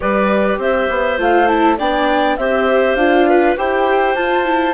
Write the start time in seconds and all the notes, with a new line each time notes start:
0.00 G3 G4 B4 D5
0.58 C4 C5 E5
0.90 B3
1.18 A3 F4 F5
1.48 E4 A5
1.77 B3 D4 D5 G5
2.37 C4 G4 C5 E5
2.95 D4 F4 F5
3.28 B4
3.56 E4 G4 C5 G5
4.15 F4 A5
4.44 E4